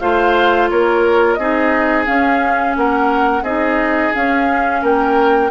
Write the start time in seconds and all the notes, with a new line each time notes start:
0.00 A3 F4 C5 F5
0.70 A#3 A#4 C#5
1.34 C4 D#4 G#4 D#5
2.06 C#4 F5
2.77 A#3 A#4 F#5
3.42 C4 D#4 G#4 D#5
4.14 C#4 F5
4.82 A#3 A#4 G5